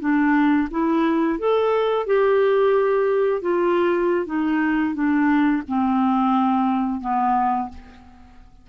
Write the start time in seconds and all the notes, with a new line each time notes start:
0.00 D4
0.71 E4
1.39 A4
2.06 G4
3.42 F4
4.26 D#4
4.94 D4
5.68 C4
7.00 B3